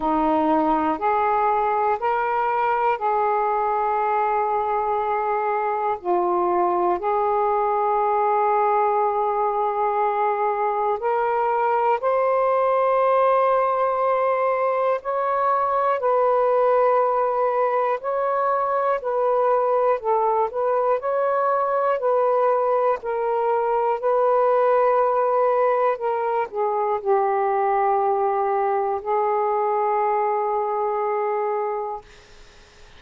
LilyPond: \new Staff \with { instrumentName = "saxophone" } { \time 4/4 \tempo 4 = 60 dis'4 gis'4 ais'4 gis'4~ | gis'2 f'4 gis'4~ | gis'2. ais'4 | c''2. cis''4 |
b'2 cis''4 b'4 | a'8 b'8 cis''4 b'4 ais'4 | b'2 ais'8 gis'8 g'4~ | g'4 gis'2. | }